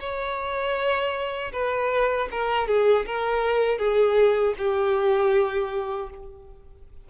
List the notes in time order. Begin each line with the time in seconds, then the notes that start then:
0.00 C#5
1.53 B4
2.31 A#4
2.68 G#4
3.07 A#4
3.79 G#4
4.58 G4